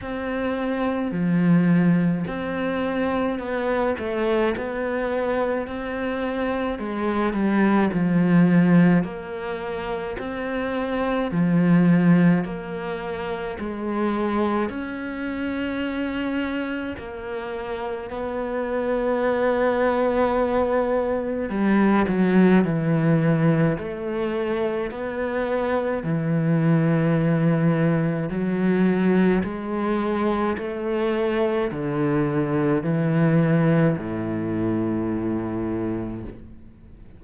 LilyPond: \new Staff \with { instrumentName = "cello" } { \time 4/4 \tempo 4 = 53 c'4 f4 c'4 b8 a8 | b4 c'4 gis8 g8 f4 | ais4 c'4 f4 ais4 | gis4 cis'2 ais4 |
b2. g8 fis8 | e4 a4 b4 e4~ | e4 fis4 gis4 a4 | d4 e4 a,2 | }